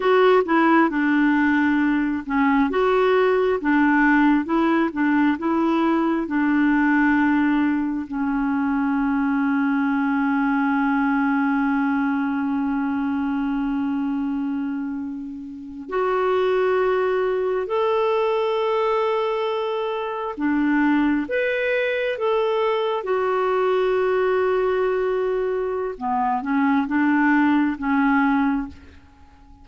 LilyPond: \new Staff \with { instrumentName = "clarinet" } { \time 4/4 \tempo 4 = 67 fis'8 e'8 d'4. cis'8 fis'4 | d'4 e'8 d'8 e'4 d'4~ | d'4 cis'2.~ | cis'1~ |
cis'4.~ cis'16 fis'2 a'16~ | a'2~ a'8. d'4 b'16~ | b'8. a'4 fis'2~ fis'16~ | fis'4 b8 cis'8 d'4 cis'4 | }